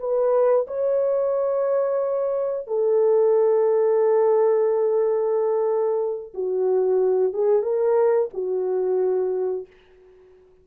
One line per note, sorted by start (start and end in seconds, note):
0.00 0.67 B4
0.68 2.68 C#5
2.68 6.34 A4
6.35 7.34 F#4
7.34 7.63 G#4
7.63 8.29 A#4
8.34 9.67 F#4